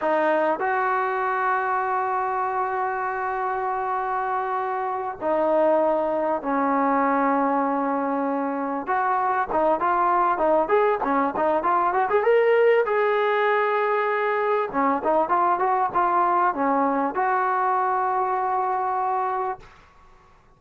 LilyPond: \new Staff \with { instrumentName = "trombone" } { \time 4/4 \tempo 4 = 98 dis'4 fis'2.~ | fis'1~ | fis'8 dis'2 cis'4.~ | cis'2~ cis'8 fis'4 dis'8 |
f'4 dis'8 gis'8 cis'8 dis'8 f'8 fis'16 gis'16 | ais'4 gis'2. | cis'8 dis'8 f'8 fis'8 f'4 cis'4 | fis'1 | }